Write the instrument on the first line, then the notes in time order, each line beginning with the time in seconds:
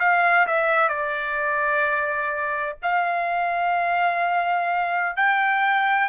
trumpet
0.00 F5
0.47 E5
0.89 D5
2.83 F5
5.17 G5